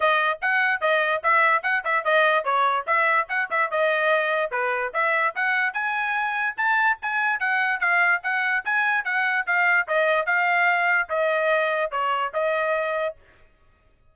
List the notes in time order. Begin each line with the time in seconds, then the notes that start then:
0.00 D#5
0.41 F#5
0.80 D#5
1.23 E5
1.63 F#5
1.84 E5
2.04 D#5
2.44 C#5
2.86 E5
3.28 F#5
3.50 E5
3.70 D#5
4.51 B4
4.93 E5
5.35 F#5
5.73 G#5
6.57 A5
7.02 G#5
7.39 F#5
7.80 F5
8.23 F#5
8.64 G#5
9.04 F#5
9.46 F5
9.87 D#5
10.26 F5
11.09 D#5
11.91 C#5
12.33 D#5